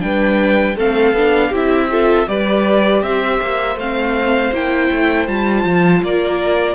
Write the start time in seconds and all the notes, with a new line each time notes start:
0.00 G3 D4 B4 G5
0.77 A3 C4 A4 F5
1.14 B3 D4
1.50 C4 E4 G4 E5
1.91 F4 A4
2.27 G3 G4 B4 D5
3.03 C4 C5 E5
3.42 A#3
3.76 A3 C4 F5
4.53 A#3 E4 G5
4.91 A3
5.28 G3 F4 A5
5.65 F3
6.03 A#3 A#4 D5